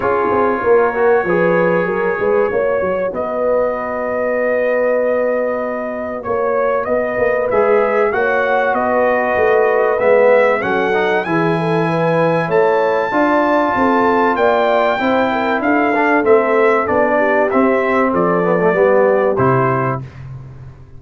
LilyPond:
<<
  \new Staff \with { instrumentName = "trumpet" } { \time 4/4 \tempo 4 = 96 cis''1~ | cis''4 dis''2.~ | dis''2 cis''4 dis''4 | e''4 fis''4 dis''2 |
e''4 fis''4 gis''2 | a''2. g''4~ | g''4 f''4 e''4 d''4 | e''4 d''2 c''4 | }
  \new Staff \with { instrumentName = "horn" } { \time 4/4 gis'4 ais'4 b'4 ais'8 b'8 | cis''4 b'2.~ | b'2 cis''4 b'4~ | b'4 cis''4 b'2~ |
b'4 a'4 gis'8 a'8 b'4 | cis''4 d''4 a'4 d''4 | c''8 ais'8 a'2~ a'8 g'8~ | g'4 a'4 g'2 | }
  \new Staff \with { instrumentName = "trombone" } { \time 4/4 f'4. fis'8 gis'2 | fis'1~ | fis'1 | gis'4 fis'2. |
b4 cis'8 dis'8 e'2~ | e'4 f'2. | e'4. d'8 c'4 d'4 | c'4. b16 a16 b4 e'4 | }
  \new Staff \with { instrumentName = "tuba" } { \time 4/4 cis'8 c'8 ais4 f4 fis8 gis8 | ais8 fis8 b2.~ | b2 ais4 b8 ais8 | gis4 ais4 b4 a4 |
gis4 fis4 e2 | a4 d'4 c'4 ais4 | c'4 d'4 a4 b4 | c'4 f4 g4 c4 | }
>>